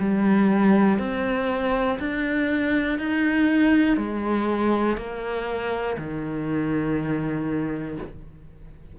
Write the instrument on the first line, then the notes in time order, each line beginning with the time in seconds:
cello
0.00 G3
0.99 C4
2.00 D4
2.99 D#4
3.98 G#3
4.98 A#3
5.98 D#3